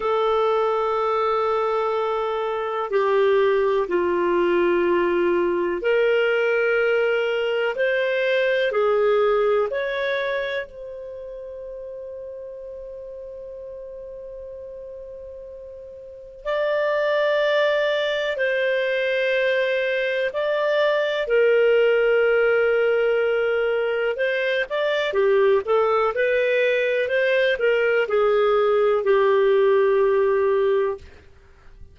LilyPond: \new Staff \with { instrumentName = "clarinet" } { \time 4/4 \tempo 4 = 62 a'2. g'4 | f'2 ais'2 | c''4 gis'4 cis''4 c''4~ | c''1~ |
c''4 d''2 c''4~ | c''4 d''4 ais'2~ | ais'4 c''8 d''8 g'8 a'8 b'4 | c''8 ais'8 gis'4 g'2 | }